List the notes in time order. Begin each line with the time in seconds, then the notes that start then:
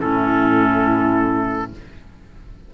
0.00 A2 C#4 E4 A4